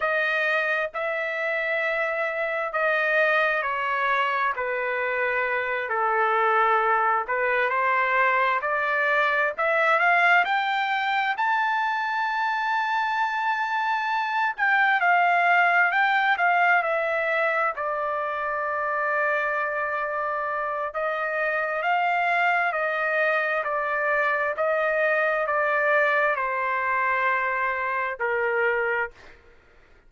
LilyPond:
\new Staff \with { instrumentName = "trumpet" } { \time 4/4 \tempo 4 = 66 dis''4 e''2 dis''4 | cis''4 b'4. a'4. | b'8 c''4 d''4 e''8 f''8 g''8~ | g''8 a''2.~ a''8 |
g''8 f''4 g''8 f''8 e''4 d''8~ | d''2. dis''4 | f''4 dis''4 d''4 dis''4 | d''4 c''2 ais'4 | }